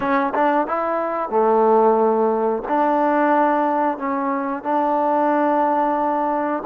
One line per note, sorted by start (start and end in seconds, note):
0.00 0.33 C#4
0.34 0.67 D4
0.67 1.29 E4
1.29 2.62 A3
2.68 3.98 D4
3.98 4.63 C#4
4.63 6.63 D4